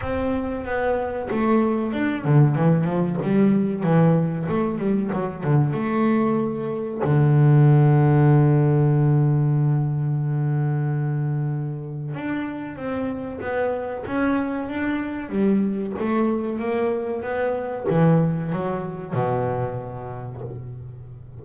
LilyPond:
\new Staff \with { instrumentName = "double bass" } { \time 4/4 \tempo 4 = 94 c'4 b4 a4 d'8 d8 | e8 f8 g4 e4 a8 g8 | fis8 d8 a2 d4~ | d1~ |
d2. d'4 | c'4 b4 cis'4 d'4 | g4 a4 ais4 b4 | e4 fis4 b,2 | }